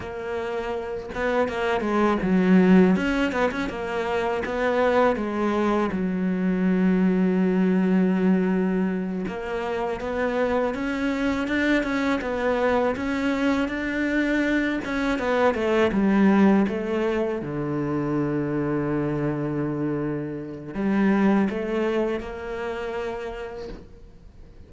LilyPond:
\new Staff \with { instrumentName = "cello" } { \time 4/4 \tempo 4 = 81 ais4. b8 ais8 gis8 fis4 | cis'8 b16 cis'16 ais4 b4 gis4 | fis1~ | fis8 ais4 b4 cis'4 d'8 |
cis'8 b4 cis'4 d'4. | cis'8 b8 a8 g4 a4 d8~ | d1 | g4 a4 ais2 | }